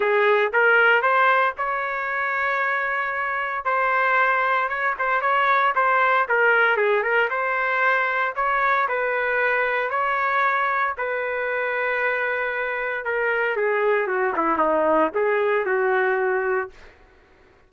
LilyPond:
\new Staff \with { instrumentName = "trumpet" } { \time 4/4 \tempo 4 = 115 gis'4 ais'4 c''4 cis''4~ | cis''2. c''4~ | c''4 cis''8 c''8 cis''4 c''4 | ais'4 gis'8 ais'8 c''2 |
cis''4 b'2 cis''4~ | cis''4 b'2.~ | b'4 ais'4 gis'4 fis'8 e'8 | dis'4 gis'4 fis'2 | }